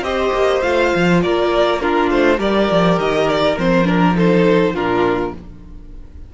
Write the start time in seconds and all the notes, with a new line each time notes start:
0.00 C4 G4 C5 D#5
0.32 A#3
0.62 A3 F4 F5
0.95 F3
1.22 A#3 A#4 D5
1.80 D4 F4 A#4
2.10 A3 C5
2.37 G3 G4 A#4 D5
2.71 F3
2.97 D#3 D#5
3.28 D5
3.58 F3 C4 C5
3.84 D4 A#4
4.14 D#4 A4 C5
4.73 A#2 D4 F4 A#4